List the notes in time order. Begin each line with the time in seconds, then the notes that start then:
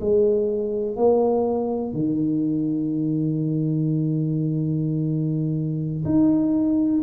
0.00 G#3
0.96 A#3
1.93 D#3
6.04 D#4